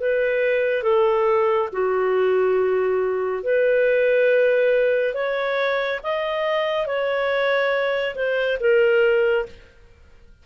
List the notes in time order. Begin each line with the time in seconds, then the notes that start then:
0.00 B4
0.83 A4
1.73 F#4
3.43 B4
5.14 C#5
6.03 D#5
6.86 C#5
8.15 C5
8.60 A#4